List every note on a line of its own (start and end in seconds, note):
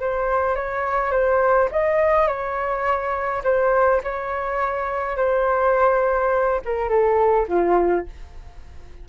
0.00 0.55 C5
0.55 1.11 C#5
1.11 1.69 C5
1.71 2.27 D#5
2.27 3.43 C#5
3.44 4.01 C5
4.03 5.17 C#5
5.17 6.61 C5
6.65 6.89 A#4
6.89 7.47 A4
7.48 8.06 F4